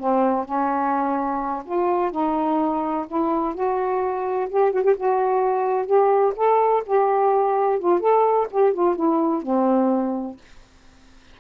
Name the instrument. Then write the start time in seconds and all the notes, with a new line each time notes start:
saxophone
0.00 C4
0.45 C#4
1.66 F4
2.12 D#4
3.08 E4
3.55 F#4
4.49 G4
4.73 F#4
4.84 G4
4.97 F#4
5.86 G4
6.36 A4
6.86 G4
7.80 F4
8.00 A4
8.51 G4
8.73 F4
8.96 E4
9.43 C4